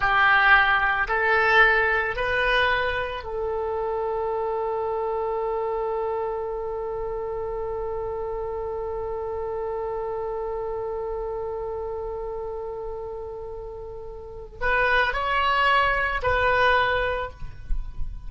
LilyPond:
\new Staff \with { instrumentName = "oboe" } { \time 4/4 \tempo 4 = 111 g'2 a'2 | b'2 a'2~ | a'1~ | a'1~ |
a'1~ | a'1~ | a'2. b'4 | cis''2 b'2 | }